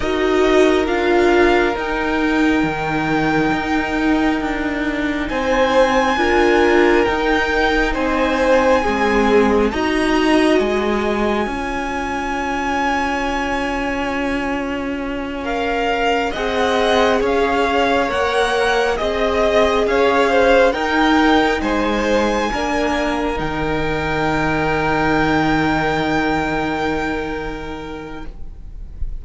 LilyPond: <<
  \new Staff \with { instrumentName = "violin" } { \time 4/4 \tempo 4 = 68 dis''4 f''4 g''2~ | g''2 gis''2 | g''4 gis''2 ais''4 | gis''1~ |
gis''4. f''4 fis''4 f''8~ | f''8 fis''4 dis''4 f''4 g''8~ | g''8 gis''2 g''4.~ | g''1 | }
  \new Staff \with { instrumentName = "violin" } { \time 4/4 ais'1~ | ais'2 c''4 ais'4~ | ais'4 c''4 gis'4 dis''4~ | dis''4 cis''2.~ |
cis''2~ cis''8 dis''4 cis''8~ | cis''4. dis''4 cis''8 c''8 ais'8~ | ais'8 c''4 ais'2~ ais'8~ | ais'1 | }
  \new Staff \with { instrumentName = "viola" } { \time 4/4 fis'4 f'4 dis'2~ | dis'2. f'4 | dis'2 c'4 fis'4~ | fis'4 f'2.~ |
f'4. ais'4 gis'4.~ | gis'8 ais'4 gis'2 dis'8~ | dis'4. d'4 dis'4.~ | dis'1 | }
  \new Staff \with { instrumentName = "cello" } { \time 4/4 dis'4 d'4 dis'4 dis4 | dis'4 d'4 c'4 d'4 | dis'4 c'4 gis4 dis'4 | gis4 cis'2.~ |
cis'2~ cis'8 c'4 cis'8~ | cis'8 ais4 c'4 cis'4 dis'8~ | dis'8 gis4 ais4 dis4.~ | dis1 | }
>>